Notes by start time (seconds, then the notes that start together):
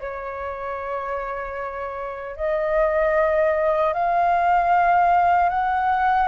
0.00 C#5
2.36 D#5
3.93 F5
5.49 F#5